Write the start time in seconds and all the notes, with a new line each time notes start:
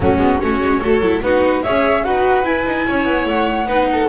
0.00 F#3 A3 C#4 F#4
0.16 G#3 B3
0.40 A3 C#4 F#4 C#5
0.60 G#3
0.81 A3 F#4 A4
1.00 F#3 E4
1.21 B3 D#4 F#4 B4
1.63 C#4 G#4 C#5 E5
2.03 D#4 F#4 B4 F#5
2.43 E4 G#5
2.65 D#4
2.86 C#4 C#5
3.04 B3
3.25 A3 F#5
3.65 B3 D#4 B4
3.92 A4